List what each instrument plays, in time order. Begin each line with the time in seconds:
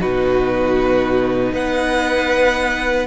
0.00 cello B2, viola D#4, violin F#4 B4
1.52 cello B3, violin B4 F#5